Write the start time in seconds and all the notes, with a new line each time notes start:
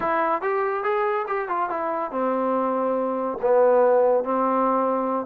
0.00 E4
0.41 G4
0.83 G#4
1.27 G4
1.48 F4
1.69 E4
2.11 C4
3.41 B3
4.23 C4